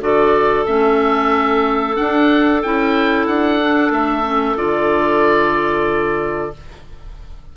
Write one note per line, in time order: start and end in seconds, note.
0.00 0.65 D3
0.00 0.65 F#4
0.00 6.56 A4
0.00 0.66 D5
0.66 1.98 A3
0.66 1.95 C#4
0.66 1.96 E5
1.95 2.60 D4
1.95 2.65 D4
1.95 2.61 F#5
2.62 3.27 C#4
2.62 3.60 E4
2.62 3.27 G5
3.27 3.91 D4
3.27 3.92 F#5
3.60 4.23 D4
3.91 4.56 A3
3.91 4.57 E5
4.23 4.55 C#4
4.56 6.52 D3
4.56 6.51 F4
4.56 6.53 D5